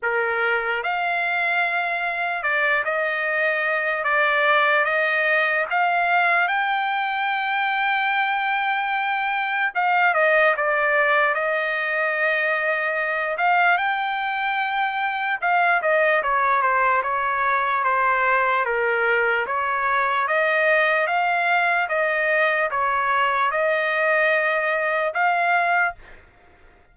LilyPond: \new Staff \with { instrumentName = "trumpet" } { \time 4/4 \tempo 4 = 74 ais'4 f''2 d''8 dis''8~ | dis''4 d''4 dis''4 f''4 | g''1 | f''8 dis''8 d''4 dis''2~ |
dis''8 f''8 g''2 f''8 dis''8 | cis''8 c''8 cis''4 c''4 ais'4 | cis''4 dis''4 f''4 dis''4 | cis''4 dis''2 f''4 | }